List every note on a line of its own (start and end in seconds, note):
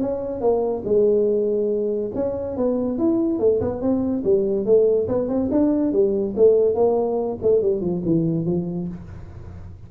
0.00 0.41 C#4
0.41 0.83 A#3
0.84 2.11 G#3
2.15 2.56 C#4
2.56 2.98 B3
2.98 3.39 E4
3.39 3.60 A3
3.61 3.81 B3
3.81 4.23 C4
4.24 4.65 G3
4.65 5.08 A3
5.08 5.28 B3
5.28 5.49 C4
5.51 5.92 D4
5.92 6.34 G3
6.36 6.75 A3
6.75 7.38 A#3
7.42 7.61 A3
7.61 7.81 G3
7.81 8.02 F3
8.05 8.45 E3
8.45 8.88 F3